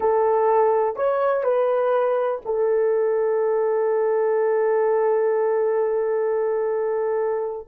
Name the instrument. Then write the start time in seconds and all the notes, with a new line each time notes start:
horn
0.00 A4
0.96 C#5
1.43 B4
2.45 A4